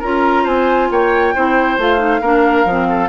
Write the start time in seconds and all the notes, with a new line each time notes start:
0.00 C#4 F4 A#4 A#5
0.44 C4 C5 G#5
0.91 A#3 C#5 G5
1.35 C4 E4 C5
1.78 A3 F4 F5
1.98 D#4
2.21 A#3 D4 A#4
2.65 F3 C4
2.90 A4